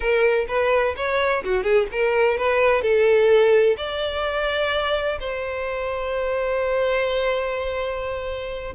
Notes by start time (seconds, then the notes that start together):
0.00 A#4
0.47 B4
0.96 C#5
1.44 F#4
1.63 G#4
1.91 A#4
2.37 B4
2.82 A4
3.77 D5
5.20 C5